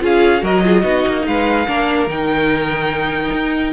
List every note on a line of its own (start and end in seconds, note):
0.00 0.43 C#4
0.00 0.41 F4
0.00 0.43 G#4
0.00 0.45 F5
0.41 0.84 F#3
0.41 0.61 F#4
0.41 0.64 A#4
0.41 1.27 D#5
0.64 0.84 F4
0.64 0.82 G#4
0.82 1.05 B3
0.82 1.67 D#4
0.82 1.24 F#4
1.08 1.27 A#3
1.27 1.68 G#3
1.27 1.67 B4
1.27 2.09 F5
1.67 2.07 A#3
1.67 2.08 D4
1.67 3.73 A#4
2.07 3.31 D#3
2.07 3.73 D#4
2.07 3.73 G5
3.32 3.73 D#4